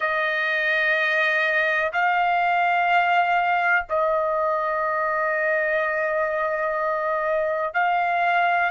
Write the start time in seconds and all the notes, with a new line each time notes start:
0.00 D#5
1.92 F5
3.89 D#5
7.74 F5